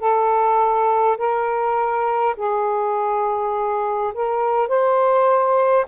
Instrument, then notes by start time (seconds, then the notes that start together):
saxophone
0.00 A4
1.18 A#4
2.37 G#4
4.14 A#4
4.68 C5